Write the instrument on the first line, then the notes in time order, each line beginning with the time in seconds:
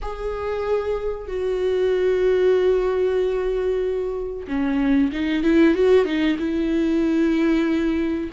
viola
0.02 G#4
1.27 F#4
4.47 C#4
5.12 D#4
5.43 E4
5.74 F#4
6.05 D#4
6.38 E4